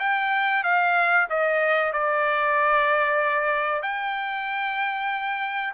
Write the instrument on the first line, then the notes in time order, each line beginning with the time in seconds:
trumpet
0.00 G5
0.64 F5
1.30 D#5
1.93 D5
3.83 G5